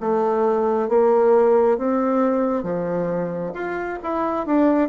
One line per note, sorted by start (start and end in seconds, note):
0.00 0.88 A3
0.88 1.77 A#3
1.77 2.63 C4
2.63 3.52 F3
3.54 3.99 F4
4.03 4.46 E4
4.46 4.89 D4